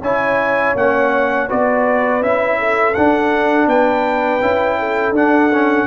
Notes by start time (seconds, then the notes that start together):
0.00 C#4 E4 C#5 G#5
0.75 A#3 C#4 F#5
1.48 B3 F#4 B4 D5
2.21 C#4 E4 E5
2.58 A4
2.94 D4 F#5
3.66 B3 B4 G5
4.41 C#4 E4
4.79 A4
5.11 D4 F#5
5.53 C#4